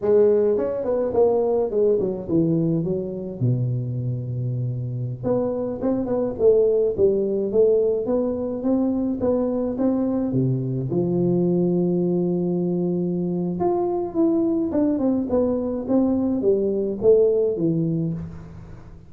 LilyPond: \new Staff \with { instrumentName = "tuba" } { \time 4/4 \tempo 4 = 106 gis4 cis'8 b8 ais4 gis8 fis8 | e4 fis4 b,2~ | b,4~ b,16 b4 c'8 b8 a8.~ | a16 g4 a4 b4 c'8.~ |
c'16 b4 c'4 c4 f8.~ | f1 | f'4 e'4 d'8 c'8 b4 | c'4 g4 a4 e4 | }